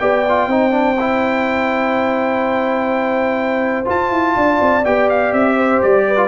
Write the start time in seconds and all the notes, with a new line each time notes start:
0.00 B3 G4 D5 G5
0.29 F4
0.47 C4 D#4 C5
0.71 D4
1.00 E4
3.85 F4 A5
4.11 E4
4.37 D4 D5
4.61 C4
4.85 B3 G4 G5
5.10 F5
5.33 C4 E5
5.56 C5
5.83 G3 D5
6.08 B4
6.17 F4